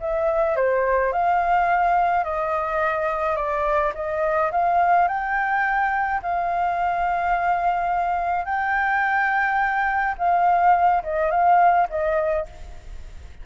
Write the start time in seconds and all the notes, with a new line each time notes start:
0.00 E5
0.56 C5
1.12 F5
2.24 D#5
3.36 D5
3.95 D#5
4.52 F5
5.08 G5
6.23 F5
8.45 G5
10.18 F5
11.03 D#5
11.31 F5
11.89 D#5